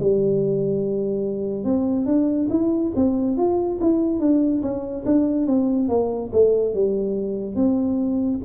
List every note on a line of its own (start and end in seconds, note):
0.00 1.64 G3
1.64 2.06 C4
2.06 2.49 D4
2.50 2.92 E4
2.96 3.37 C4
3.37 3.80 F4
3.81 4.20 E4
4.20 4.62 D4
4.62 5.05 C#4
5.06 5.47 D4
5.47 5.89 C4
5.89 6.31 A#3
6.33 6.74 A3
6.74 7.56 G3
7.56 8.40 C4